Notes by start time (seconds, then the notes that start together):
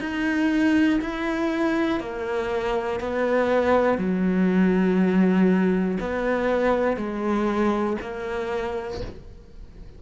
0.00 D#4
1.00 E4
2.00 A#3
3.00 B3
3.98 F#3
6.00 B3
6.96 G#3
8.01 A#3